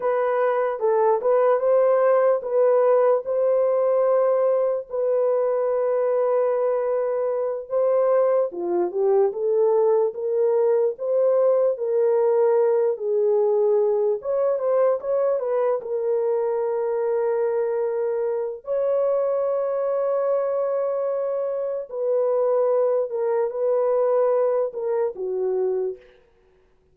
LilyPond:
\new Staff \with { instrumentName = "horn" } { \time 4/4 \tempo 4 = 74 b'4 a'8 b'8 c''4 b'4 | c''2 b'2~ | b'4. c''4 f'8 g'8 a'8~ | a'8 ais'4 c''4 ais'4. |
gis'4. cis''8 c''8 cis''8 b'8 ais'8~ | ais'2. cis''4~ | cis''2. b'4~ | b'8 ais'8 b'4. ais'8 fis'4 | }